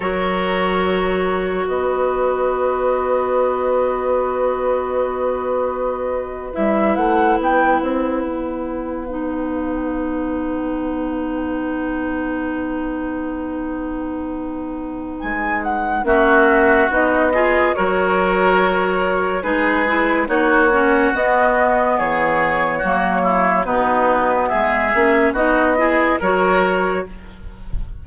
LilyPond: <<
  \new Staff \with { instrumentName = "flute" } { \time 4/4 \tempo 4 = 71 cis''2 dis''2~ | dis''2.~ dis''8. e''16~ | e''16 fis''8 g''8 fis''2~ fis''8.~ | fis''1~ |
fis''2 gis''8 fis''8 e''4 | dis''4 cis''2 b'4 | cis''4 dis''4 cis''2 | b'4 e''4 dis''4 cis''4 | }
  \new Staff \with { instrumentName = "oboe" } { \time 4/4 ais'2 b'2~ | b'1~ | b'1~ | b'1~ |
b'2. fis'4~ | fis'8 gis'8 ais'2 gis'4 | fis'2 gis'4 fis'8 e'8 | dis'4 gis'4 fis'8 gis'8 ais'4 | }
  \new Staff \with { instrumentName = "clarinet" } { \time 4/4 fis'1~ | fis'2.~ fis'8. e'16~ | e'2~ e'8. dis'4~ dis'16~ | dis'1~ |
dis'2. cis'4 | dis'8 f'8 fis'2 dis'8 e'8 | dis'8 cis'8 b2 ais4 | b4. cis'8 dis'8 e'8 fis'4 | }
  \new Staff \with { instrumentName = "bassoon" } { \time 4/4 fis2 b2~ | b2.~ b8. g16~ | g16 a8 b8 c'8 b2~ b16~ | b1~ |
b2 gis4 ais4 | b4 fis2 gis4 | ais4 b4 e4 fis4 | b,4 gis8 ais8 b4 fis4 | }
>>